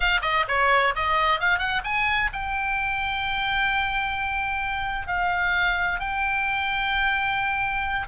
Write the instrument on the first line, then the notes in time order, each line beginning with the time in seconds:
oboe
0.00 F5
0.22 D#5
0.48 C#5
0.95 D#5
1.40 F5
1.58 F#5
1.84 G#5
2.33 G5
5.07 F5
5.99 G5